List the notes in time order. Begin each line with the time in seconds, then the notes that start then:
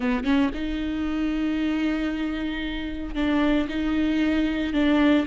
0.00 B3
0.24 C#4
0.54 D#4
3.15 D4
3.68 D#4
4.73 D4